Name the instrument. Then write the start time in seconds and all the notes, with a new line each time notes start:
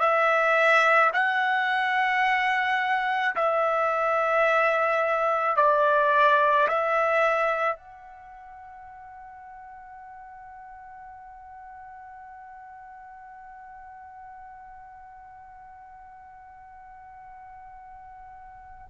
trumpet
0.00 E5
1.13 F#5
3.36 E5
5.57 D5
6.68 E5
7.76 F#5